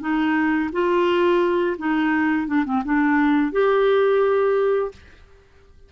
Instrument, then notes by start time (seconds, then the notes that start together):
clarinet
0.00 D#4
0.72 F4
1.78 D#4
2.47 D4
2.65 C4
2.84 D4
3.52 G4